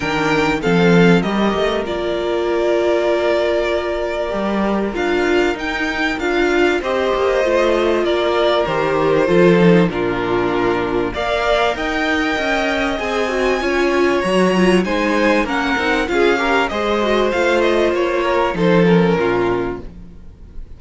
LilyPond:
<<
  \new Staff \with { instrumentName = "violin" } { \time 4/4 \tempo 4 = 97 g''4 f''4 dis''4 d''4~ | d''1 | f''4 g''4 f''4 dis''4~ | dis''4 d''4 c''2 |
ais'2 f''4 g''4~ | g''4 gis''2 ais''4 | gis''4 fis''4 f''4 dis''4 | f''8 dis''8 cis''4 c''8 ais'4. | }
  \new Staff \with { instrumentName = "violin" } { \time 4/4 ais'4 a'4 ais'2~ | ais'1~ | ais'2. c''4~ | c''4 ais'2 a'4 |
f'2 d''4 dis''4~ | dis''2 cis''2 | c''4 ais'4 gis'8 ais'8 c''4~ | c''4. ais'8 a'4 f'4 | }
  \new Staff \with { instrumentName = "viola" } { \time 4/4 d'4 c'4 g'4 f'4~ | f'2. g'4 | f'4 dis'4 f'4 g'4 | f'2 g'4 f'8 dis'8 |
d'2 ais'2~ | ais'4 gis'8 fis'8 f'4 fis'8 f'8 | dis'4 cis'8 dis'8 f'8 g'8 gis'8 fis'8 | f'2 dis'8 cis'4. | }
  \new Staff \with { instrumentName = "cello" } { \time 4/4 dis4 f4 g8 a8 ais4~ | ais2. g4 | d'4 dis'4 d'4 c'8 ais8 | a4 ais4 dis4 f4 |
ais,2 ais4 dis'4 | cis'4 c'4 cis'4 fis4 | gis4 ais8 c'8 cis'4 gis4 | a4 ais4 f4 ais,4 | }
>>